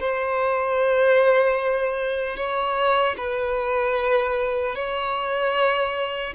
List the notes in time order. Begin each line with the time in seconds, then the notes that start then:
0.00 C5
2.37 C#5
3.18 B4
4.75 C#5